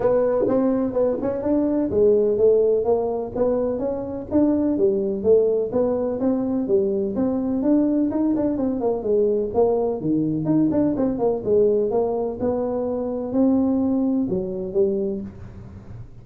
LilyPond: \new Staff \with { instrumentName = "tuba" } { \time 4/4 \tempo 4 = 126 b4 c'4 b8 cis'8 d'4 | gis4 a4 ais4 b4 | cis'4 d'4 g4 a4 | b4 c'4 g4 c'4 |
d'4 dis'8 d'8 c'8 ais8 gis4 | ais4 dis4 dis'8 d'8 c'8 ais8 | gis4 ais4 b2 | c'2 fis4 g4 | }